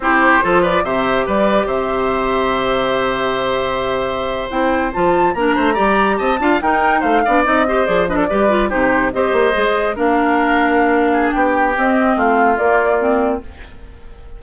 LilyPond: <<
  \new Staff \with { instrumentName = "flute" } { \time 4/4 \tempo 4 = 143 c''4. d''8 e''4 d''4 | e''1~ | e''2~ e''8. g''4 a''16~ | a''8. ais''2 a''4 g''16~ |
g''8. f''4 dis''4 d''8 dis''16 d''8~ | d''8. c''4 dis''2 f''16~ | f''2. g''4 | dis''4 f''4 d''2 | }
  \new Staff \with { instrumentName = "oboe" } { \time 4/4 g'4 a'8 b'8 c''4 b'4 | c''1~ | c''1~ | c''8. ais'8 c''8 d''4 dis''8 f''8 ais'16~ |
ais'8. c''8 d''4 c''4 b'16 a'16 b'16~ | b'8. g'4 c''2 ais'16~ | ais'2~ ais'8 gis'8 g'4~ | g'4 f'2. | }
  \new Staff \with { instrumentName = "clarinet" } { \time 4/4 e'4 f'4 g'2~ | g'1~ | g'2~ g'8. e'4 f'16~ | f'8. d'4 g'4. f'8 dis'16~ |
dis'4~ dis'16 d'8 dis'8 g'8 gis'8 d'8 g'16~ | g'16 f'8 dis'4 g'4 gis'4 d'16~ | d'1 | c'2 ais4 c'4 | }
  \new Staff \with { instrumentName = "bassoon" } { \time 4/4 c'4 f4 c4 g4 | c1~ | c2~ c8. c'4 f16~ | f8. ais8 a8 g4 c'8 d'8 dis'16~ |
dis'8. a8 b8 c'4 f4 g16~ | g8. c4 c'8 ais8 gis4 ais16~ | ais2. b4 | c'4 a4 ais2 | }
>>